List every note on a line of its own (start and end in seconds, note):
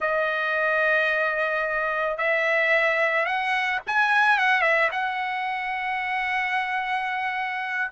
0.00 2.17 D#5
2.17 3.25 E5
3.25 3.80 F#5
3.86 4.38 G#5
4.38 4.61 F#5
4.61 4.89 E5
4.91 7.91 F#5